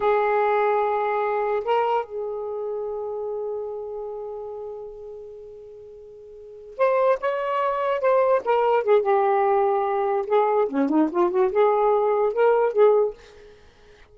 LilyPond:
\new Staff \with { instrumentName = "saxophone" } { \time 4/4 \tempo 4 = 146 gis'1 | ais'4 gis'2.~ | gis'1~ | gis'1~ |
gis'8 c''4 cis''2 c''8~ | c''8 ais'4 gis'8 g'2~ | g'4 gis'4 cis'8 dis'8 f'8 fis'8 | gis'2 ais'4 gis'4 | }